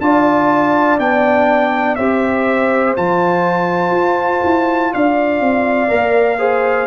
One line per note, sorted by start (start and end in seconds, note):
0.00 0.98 D4
0.00 0.99 F4
0.00 1.97 D5
0.00 0.98 A5
0.98 1.97 B3
0.98 1.97 D4
0.98 1.95 G5
1.95 2.97 C4
1.95 2.95 G4
1.95 4.92 C5
1.95 2.93 E5
2.95 3.90 F3
2.95 5.88 F4
2.95 4.93 A5
3.90 4.39 F4
4.43 4.92 E4
4.92 5.40 D4
4.92 6.39 D5
4.92 6.86 F5
5.40 5.89 C4
5.88 6.86 A#3
5.88 6.37 A#4
6.38 6.86 G#4
6.38 6.86 C5